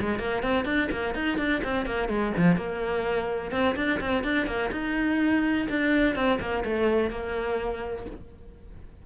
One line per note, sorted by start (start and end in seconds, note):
0.00 0.19 G#3
0.19 0.43 A#3
0.43 0.65 C4
0.65 0.89 D4
0.92 1.15 A#3
1.15 1.38 D#4
1.38 1.62 D4
1.64 1.86 C4
1.86 2.09 A#3
2.09 2.33 G#3
2.37 2.57 F3
2.57 3.52 A#3
3.52 3.76 C4
3.76 4.00 D4
4.01 4.24 C4
4.24 4.47 D4
4.47 4.71 A#3
4.72 5.68 D#4
5.70 6.16 D4
6.16 6.39 C4
6.40 6.64 A#3
6.65 7.11 A3
7.11 8.06 A#3